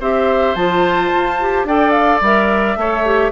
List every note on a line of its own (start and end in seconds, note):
0.00 0.55 C4
0.00 0.57 G4
0.00 1.67 C5
0.00 0.55 E5
0.55 1.11 F3
0.55 1.40 F4
0.55 1.66 A5
1.16 1.65 F4
1.41 1.68 G4
1.65 2.20 D4
1.65 2.23 A4
1.65 2.79 D5
1.65 1.91 G5
1.91 2.19 F5
2.21 2.76 G3
2.21 2.77 A#4
2.21 3.32 E5
2.76 3.32 A3
2.76 3.05 A4
2.76 3.32 C#5
3.05 3.32 G4